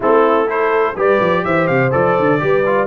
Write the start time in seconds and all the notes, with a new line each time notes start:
0.00 A3 C4 E4 A4
0.46 E4 A4 C5
0.95 G3 G4 B4 D5
1.20 F3
1.44 E3 C5 E5
1.67 C3 F5
1.91 F3 A4 D5
2.19 D3
2.39 G3 G4 B4
2.66 F4